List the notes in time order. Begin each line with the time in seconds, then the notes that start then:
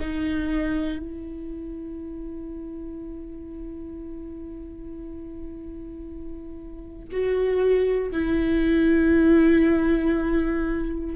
0.00 D#4
0.99 E4
7.11 F#4
8.11 E4